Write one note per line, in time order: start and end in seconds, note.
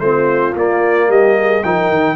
0.00 0.54 A3
0.00 0.55 C4
0.00 1.10 F4
0.00 0.54 C5
0.55 1.09 A#3
0.55 1.63 A#3
0.55 1.11 D5
1.09 1.62 G3
1.09 1.37 G4
1.09 1.64 D#5
1.38 1.65 G#4
1.64 1.90 F3
1.64 2.16 D#4
1.64 2.16 A#4
1.64 2.16 G5
1.90 2.16 D#3